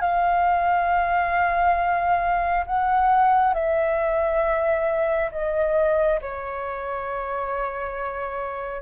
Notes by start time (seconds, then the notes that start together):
0.00 F5
2.66 F#5
3.54 E5
5.31 D#5
6.21 C#5